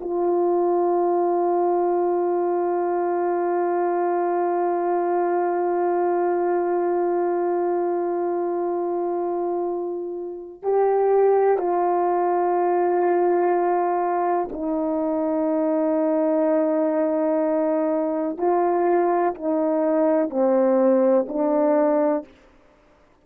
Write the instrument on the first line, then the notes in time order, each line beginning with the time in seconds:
horn
0.00 F4
10.63 G4
11.58 F4
14.52 D#4
18.37 F4
19.35 D#4
20.30 C4
21.28 D4